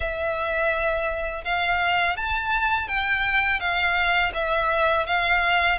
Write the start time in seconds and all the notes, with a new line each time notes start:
0.00 E5
1.44 F5
2.17 A5
2.88 G5
3.59 F5
4.34 E5
5.06 F5